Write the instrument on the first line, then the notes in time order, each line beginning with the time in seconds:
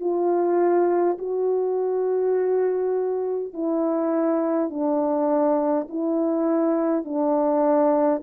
horn
0.00 F4
1.18 F#4
3.53 E4
4.70 D4
5.88 E4
7.04 D4